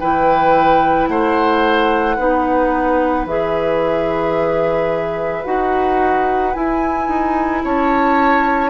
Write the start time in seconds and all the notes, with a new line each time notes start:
0.00 E3 E4 B4 G5
1.08 A3 C5 F#5
2.16 B3 D#4 B4
3.26 E3 G#4 E5
5.45 D#4 F#4 F#5
6.54 E4 G#5
7.09 D#4
7.64 C#4 C#5 A5